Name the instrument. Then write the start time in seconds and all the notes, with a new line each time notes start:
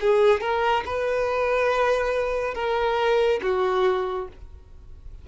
violin
0.00 G#4
0.41 A#4
0.85 B4
2.54 A#4
3.42 F#4